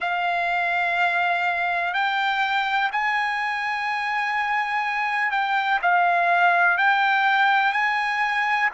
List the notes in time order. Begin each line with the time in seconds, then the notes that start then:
0.00 F5
1.94 G5
2.92 G#5
5.30 G5
5.82 F5
6.77 G5
7.72 G#5